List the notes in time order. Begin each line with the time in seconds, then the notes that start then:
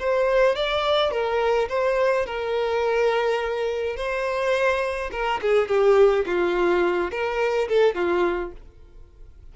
0.00 C5
0.56 D5
1.11 A#4
1.69 C5
2.26 A#4
3.97 C5
5.12 A#4
5.42 G#4
5.69 G4
6.26 F4
7.11 A#4
7.69 A4
7.95 F4